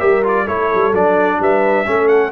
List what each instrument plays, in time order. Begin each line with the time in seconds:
0.00 tuba G3, trombone G4, horn A#4, trumpet E5
0.24 trombone F4, trumpet D5
0.44 tuba A3, trombone E4, horn A4, trumpet C#5
0.75 tuba G3
0.93 tuba F#3, trombone D4, trumpet D5
1.40 tuba G3, horn B4, trumpet E5
1.86 tuba A3, trombone C#4, horn A4
2.08 trumpet F#5